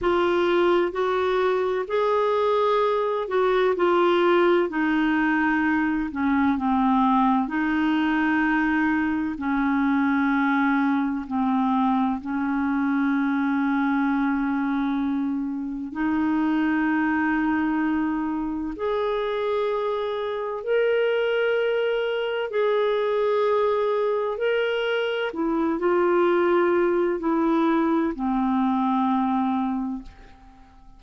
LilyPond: \new Staff \with { instrumentName = "clarinet" } { \time 4/4 \tempo 4 = 64 f'4 fis'4 gis'4. fis'8 | f'4 dis'4. cis'8 c'4 | dis'2 cis'2 | c'4 cis'2.~ |
cis'4 dis'2. | gis'2 ais'2 | gis'2 ais'4 e'8 f'8~ | f'4 e'4 c'2 | }